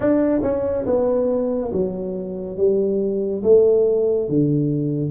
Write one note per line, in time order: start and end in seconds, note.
0.00 0.41 D4
0.42 0.85 C#4
0.86 1.71 B3
1.73 2.57 F#3
2.57 3.42 G3
3.43 4.29 A3
4.29 5.10 D3